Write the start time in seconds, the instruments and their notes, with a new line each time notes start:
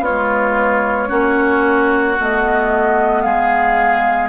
0.00 clarinet G#3, bassoon B3, oboe F4, flute C#5
1.08 bassoon A#3, clarinet C#4, oboe F#4
2.19 bassoon A3, clarinet B3, flute D#5
3.21 bassoon G#3, oboe G#4, flute F5